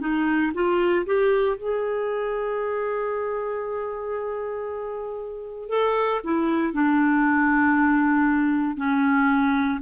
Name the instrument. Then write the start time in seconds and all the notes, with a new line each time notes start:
clarinet
0.00 D#4
0.54 F4
1.06 G4
1.57 G#4
5.69 A4
6.24 E4
6.73 D4
8.76 C#4